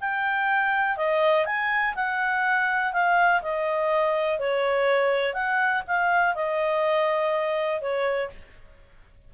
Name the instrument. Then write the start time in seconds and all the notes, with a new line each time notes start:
clarinet
0.00 G5
0.97 D#5
1.45 G#5
1.95 F#5
2.93 F5
3.42 D#5
4.39 C#5
5.34 F#5
5.87 F5
6.35 D#5
7.81 C#5